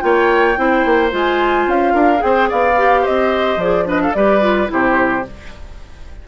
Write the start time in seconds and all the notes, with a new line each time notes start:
0.00 A#3 F4 C#5 G5
0.56 C4 E4 C5
0.85 A#3
1.11 G#3 F4 G#5
1.67 C#4 F5
1.93 D4 A#4
2.17 G#4 G5
2.24 C4 C5
2.49 B3 D5 F5
2.77 G4
3.01 C5 D#5
3.08 C4
3.57 F3 G#4 D5
3.86 D4 B4 D#5
4.02 A4 F5
4.13 G3 G4 B4 D5
4.41 F4
4.67 C3 E4 G4 C5